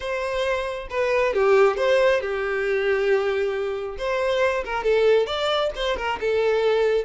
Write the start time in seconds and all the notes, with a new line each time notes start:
0.00 C5
0.89 B4
1.33 G4
1.76 C5
2.20 G4
3.97 C5
4.64 A#4
4.83 A4
5.26 D5
5.75 C5
5.97 A#4
6.20 A4